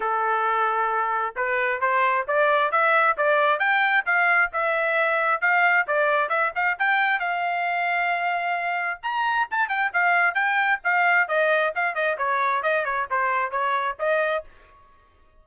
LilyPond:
\new Staff \with { instrumentName = "trumpet" } { \time 4/4 \tempo 4 = 133 a'2. b'4 | c''4 d''4 e''4 d''4 | g''4 f''4 e''2 | f''4 d''4 e''8 f''8 g''4 |
f''1 | ais''4 a''8 g''8 f''4 g''4 | f''4 dis''4 f''8 dis''8 cis''4 | dis''8 cis''8 c''4 cis''4 dis''4 | }